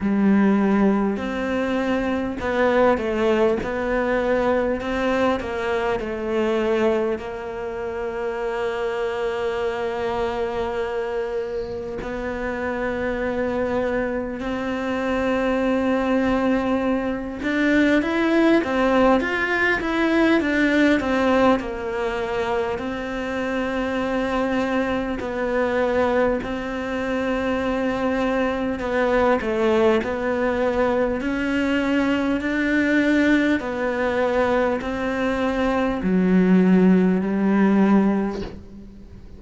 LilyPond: \new Staff \with { instrumentName = "cello" } { \time 4/4 \tempo 4 = 50 g4 c'4 b8 a8 b4 | c'8 ais8 a4 ais2~ | ais2 b2 | c'2~ c'8 d'8 e'8 c'8 |
f'8 e'8 d'8 c'8 ais4 c'4~ | c'4 b4 c'2 | b8 a8 b4 cis'4 d'4 | b4 c'4 fis4 g4 | }